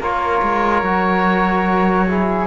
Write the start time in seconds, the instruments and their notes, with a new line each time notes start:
0.00 cello A#3, trombone F4, flute A#4, oboe C#5
0.42 cello G#3
0.82 cello F#3, trombone F#4
2.07 trombone E4, flute G#4